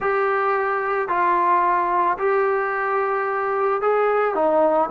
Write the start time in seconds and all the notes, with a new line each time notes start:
0.00 G4
1.08 F4
2.18 G4
3.81 G#4
4.35 D#4